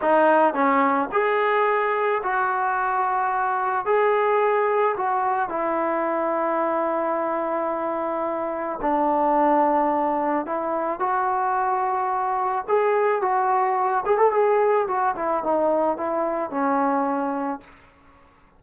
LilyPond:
\new Staff \with { instrumentName = "trombone" } { \time 4/4 \tempo 4 = 109 dis'4 cis'4 gis'2 | fis'2. gis'4~ | gis'4 fis'4 e'2~ | e'1 |
d'2. e'4 | fis'2. gis'4 | fis'4. gis'16 a'16 gis'4 fis'8 e'8 | dis'4 e'4 cis'2 | }